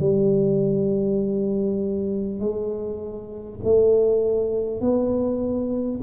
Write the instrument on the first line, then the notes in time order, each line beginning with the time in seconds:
tuba
0.00 G3
2.40 G#3
3.64 A3
4.81 B3